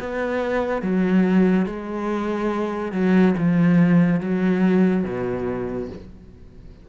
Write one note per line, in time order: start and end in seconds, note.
0.00 0.82 B3
0.82 1.66 F#3
1.66 2.92 G#3
2.92 3.35 F#3
3.38 4.21 F3
4.21 5.04 F#3
5.04 5.89 B2